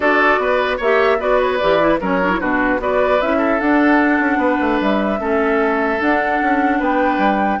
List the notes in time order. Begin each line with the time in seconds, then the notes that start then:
0.00 D4 F#4 A4 D5
0.38 B3 B4
0.77 A#3 G4 C#5 E5
1.19 B3 F#4 B4 D5
1.41 C#5
1.57 E3 G4 D5
1.80 E4
2.00 F#3 C#4 A#4 C#5
2.21 D4
2.29 E4
2.39 B2 D4 F#4 B4
2.79 B3 F#4 B4 D5
3.21 C#4 E4 E5
3.37 A4
3.60 D4 F#5
4.20 C#4
4.37 B3 B4
4.60 A3
4.81 G3 E5
5.19 A3 C#4 A4
6.00 D4 F#5
6.42 C#4
6.79 B3 B4 G5
7.18 G3